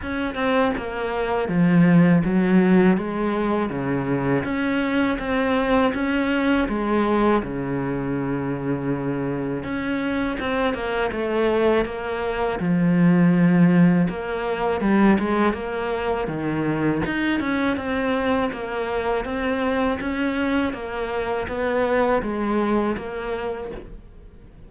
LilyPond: \new Staff \with { instrumentName = "cello" } { \time 4/4 \tempo 4 = 81 cis'8 c'8 ais4 f4 fis4 | gis4 cis4 cis'4 c'4 | cis'4 gis4 cis2~ | cis4 cis'4 c'8 ais8 a4 |
ais4 f2 ais4 | g8 gis8 ais4 dis4 dis'8 cis'8 | c'4 ais4 c'4 cis'4 | ais4 b4 gis4 ais4 | }